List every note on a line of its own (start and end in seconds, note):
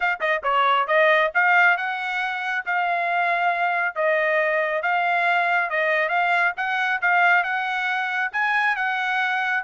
0.00 0.19 F5
0.20 0.42 D#5
0.43 0.87 C#5
0.87 1.31 D#5
1.34 1.77 F5
1.77 2.64 F#5
2.65 3.95 F5
3.95 4.82 D#5
4.82 5.70 F5
5.70 6.09 D#5
6.09 6.52 F5
6.57 7.00 F#5
7.01 7.43 F5
7.43 8.31 F#5
8.32 8.76 G#5
8.76 9.63 F#5